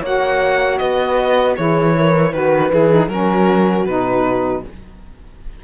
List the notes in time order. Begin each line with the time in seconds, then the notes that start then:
0.00 A#3 F#4 C#5 F#5
0.78 B3 B4 D#5
1.56 E3 E4 G#4 C#5
1.97 A#4
2.33 D#3 F#4 B4
2.69 E3 E4 G#4
2.89 D#4
3.08 F#3 C#4 F#4 A#4
3.85 B2 D#4 B4